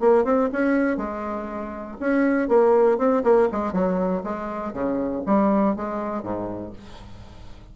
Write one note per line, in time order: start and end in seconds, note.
0.00 0.25 A#3
0.25 0.50 C4
0.53 0.97 C#4
0.97 1.97 G#3
2.00 2.48 C#4
2.48 2.98 A#3
2.98 3.23 C4
3.24 3.49 A#3
3.52 3.73 G#3
3.73 4.23 F#3
4.24 4.73 G#3
4.73 5.23 C#3
5.26 5.76 G3
5.76 6.23 G#3
6.23 6.73 G#2